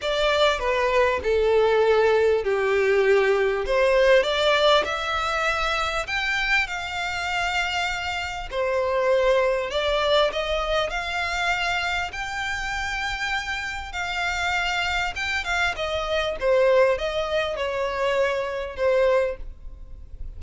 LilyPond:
\new Staff \with { instrumentName = "violin" } { \time 4/4 \tempo 4 = 99 d''4 b'4 a'2 | g'2 c''4 d''4 | e''2 g''4 f''4~ | f''2 c''2 |
d''4 dis''4 f''2 | g''2. f''4~ | f''4 g''8 f''8 dis''4 c''4 | dis''4 cis''2 c''4 | }